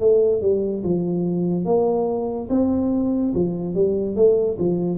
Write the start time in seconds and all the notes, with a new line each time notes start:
0.00 A3
0.42 G3
0.84 F3
1.66 A#3
2.50 C4
3.34 F3
3.75 G3
4.16 A3
4.59 F3